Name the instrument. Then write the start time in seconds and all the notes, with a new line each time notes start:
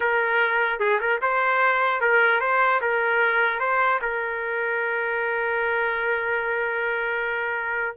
trumpet
0.00 A#4
0.79 G#4
1.00 A#4
1.21 C5
2.00 A#4
2.40 C5
2.81 A#4
3.59 C5
4.01 A#4